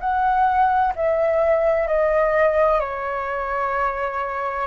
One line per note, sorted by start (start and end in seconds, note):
0.00 0.94 F#5
0.95 1.87 E5
1.87 2.80 D#5
2.80 4.67 C#5